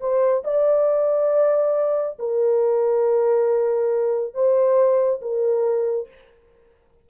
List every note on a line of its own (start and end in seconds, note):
0.00 0.43 C5
0.44 2.18 D5
2.19 4.34 A#4
4.34 5.21 C5
5.21 6.08 A#4